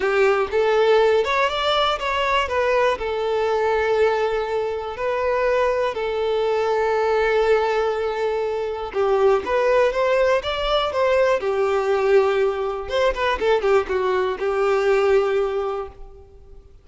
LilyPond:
\new Staff \with { instrumentName = "violin" } { \time 4/4 \tempo 4 = 121 g'4 a'4. cis''8 d''4 | cis''4 b'4 a'2~ | a'2 b'2 | a'1~ |
a'2 g'4 b'4 | c''4 d''4 c''4 g'4~ | g'2 c''8 b'8 a'8 g'8 | fis'4 g'2. | }